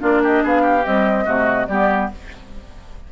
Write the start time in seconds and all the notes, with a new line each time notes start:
0.00 A#3 D4 F4 D5
0.23 G4 D#5
0.43 B3 G#4 F5
0.62 G4
0.84 G3 C4 D#5
1.25 C3 A3 F#4
1.67 G3 B3 G4 D5